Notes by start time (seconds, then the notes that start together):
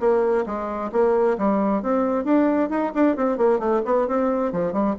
0.00 A#3
0.46 G#3
0.92 A#3
1.38 G3
1.83 C4
2.25 D4
2.70 D#4
2.94 D4
3.16 C4
3.38 A#3
3.59 A3
3.85 B3
4.08 C4
4.53 F3
4.73 G3